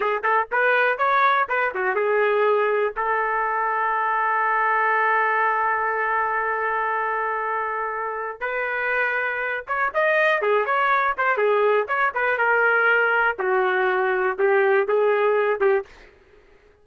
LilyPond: \new Staff \with { instrumentName = "trumpet" } { \time 4/4 \tempo 4 = 121 gis'8 a'8 b'4 cis''4 b'8 fis'8 | gis'2 a'2~ | a'1~ | a'1~ |
a'4 b'2~ b'8 cis''8 | dis''4 gis'8 cis''4 c''8 gis'4 | cis''8 b'8 ais'2 fis'4~ | fis'4 g'4 gis'4. g'8 | }